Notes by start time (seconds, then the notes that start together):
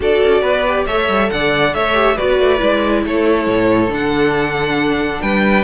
0.00 D4 F#4 A4 D5
0.23 C#4
0.41 B3 B4
0.66 G4
0.86 A3 A4 C#5 E5
1.08 G3
1.30 D3 D5 F#5
1.74 A3 C#5 E5
1.94 G4
2.15 B3 F#4 B4 D5
2.39 A3
2.58 G#3 E4
3.05 A3 A4 C#5
3.47 A2
3.88 D3 D4 F#5
5.21 G3 B4 G5